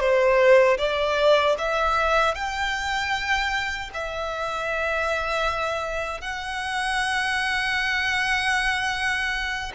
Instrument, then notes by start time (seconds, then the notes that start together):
violin
0.00 C5
0.78 D5
1.59 E5
2.35 G5
3.94 E5
6.22 F#5